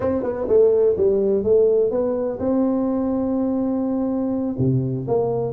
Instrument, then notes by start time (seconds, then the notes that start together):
tuba
0.00 C4
0.23 B3
0.47 A3
0.96 G3
1.43 A3
1.90 B3
2.39 C4
4.58 C3
5.07 A#3